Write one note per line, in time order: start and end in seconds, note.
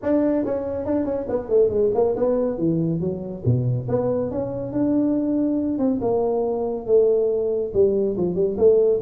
0.02 0.45 D4
0.45 0.85 C#4
0.85 1.05 D4
1.05 1.26 C#4
1.29 1.49 B3
1.49 1.69 A3
1.69 1.90 G#3
1.94 2.15 A#3
2.16 2.58 B3
2.58 3.00 E3
3.00 3.43 F#3
3.45 3.88 B2
3.88 4.31 B3
4.31 4.72 C#4
4.72 5.78 D4
5.78 6.00 C4
6.01 6.86 A#3
6.86 7.72 A3
7.73 8.16 G3
8.17 8.35 F3
8.35 8.56 G3
8.57 9.00 A3